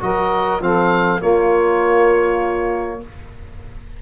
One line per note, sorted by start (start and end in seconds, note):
0.00 0.60 F#3
0.00 0.60 F#4
0.00 0.63 A#4
0.00 0.62 D#5
0.60 1.20 F3
0.60 1.21 C4
0.60 1.20 A4
0.60 1.22 F5
1.20 3.01 A#3
1.20 3.03 A#3
1.20 3.00 F4
1.20 3.02 C#5